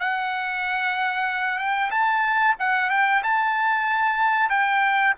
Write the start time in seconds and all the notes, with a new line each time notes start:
0.00 F#5
1.58 G5
1.91 A5
2.59 F#5
2.90 G5
3.23 A5
4.49 G5